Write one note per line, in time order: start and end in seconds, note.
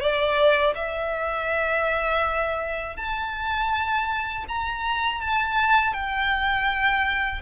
0.00 0.74 D5
0.75 2.96 E5
2.96 4.44 A5
4.48 5.21 A#5
5.21 5.93 A5
5.93 7.41 G5